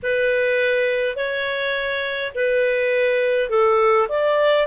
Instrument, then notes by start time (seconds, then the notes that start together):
clarinet
0.02 B4
1.15 C#5
2.35 B4
3.49 A4
4.08 D5